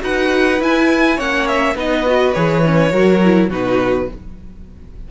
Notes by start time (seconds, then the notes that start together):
0.00 D#4 F#4 B4 F#5
0.60 E4 G#5
1.16 A#3 C#4 C#5 F#5
1.47 E5
1.75 B3 D#4 B4 D#5
2.06 F#4
2.33 E3 G#4 C#5
2.65 C#4
2.90 F#3 F#4 A#4
3.24 E4
3.49 B2 D#4 F#4 B4